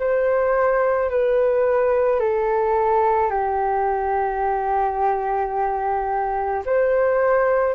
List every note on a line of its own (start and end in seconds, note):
0.00 1.10 C5
1.10 2.20 B4
2.20 3.30 A4
3.30 6.64 G4
6.66 7.75 C5